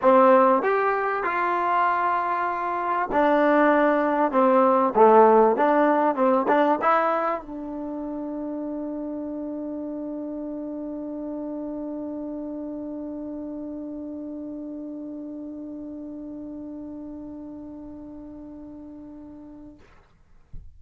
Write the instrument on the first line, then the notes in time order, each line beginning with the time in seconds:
trombone
0.02 C4
0.62 G4
1.23 F4
3.12 D4
4.31 C4
4.95 A3
5.56 D4
6.15 C4
6.48 D4
6.81 E4
7.41 D4